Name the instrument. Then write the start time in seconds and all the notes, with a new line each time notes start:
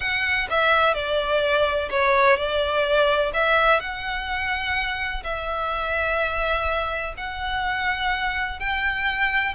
violin
0.00 F#5
0.50 E5
0.94 D5
1.90 C#5
2.36 D5
3.33 E5
3.80 F#5
5.23 E5
7.17 F#5
8.59 G5